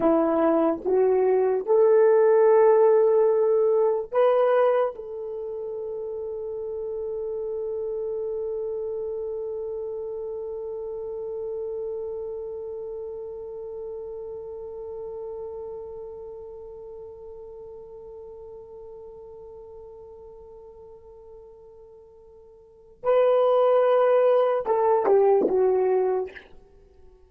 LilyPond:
\new Staff \with { instrumentName = "horn" } { \time 4/4 \tempo 4 = 73 e'4 fis'4 a'2~ | a'4 b'4 a'2~ | a'1~ | a'1~ |
a'1~ | a'1~ | a'1 | b'2 a'8 g'8 fis'4 | }